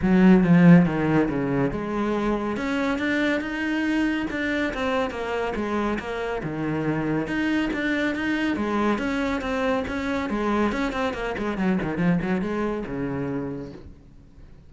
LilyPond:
\new Staff \with { instrumentName = "cello" } { \time 4/4 \tempo 4 = 140 fis4 f4 dis4 cis4 | gis2 cis'4 d'4 | dis'2 d'4 c'4 | ais4 gis4 ais4 dis4~ |
dis4 dis'4 d'4 dis'4 | gis4 cis'4 c'4 cis'4 | gis4 cis'8 c'8 ais8 gis8 fis8 dis8 | f8 fis8 gis4 cis2 | }